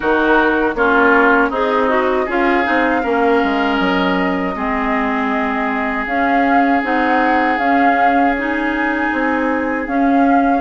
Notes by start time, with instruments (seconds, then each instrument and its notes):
0.00 bassoon D#3, clarinet D#4, oboe F#4, flute A#4
0.74 bassoon A#3, clarinet C#4, oboe F4, flute C#5
1.49 bassoon C4, oboe D#4, clarinet G#4, flute D#5
1.88 clarinet F#4
2.25 bassoon C#4, clarinet F4, oboe G#4, flute F5
2.63 bassoon C4, clarinet D#4
3.03 bassoon A#3, clarinet C#4, oboe A#4
3.43 bassoon G#3
3.77 bassoon F#3, flute D#5
4.55 bassoon G#3, clarinet C4, oboe G#4
6.06 bassoon C#4, clarinet C#4, flute F5
6.82 bassoon C4, clarinet D#4, flute F#5
7.58 bassoon C#4, clarinet C#4, flute F5
8.38 clarinet D#4, flute G#5
9.12 bassoon C4
9.87 bassoon C#4, clarinet C#4, flute F5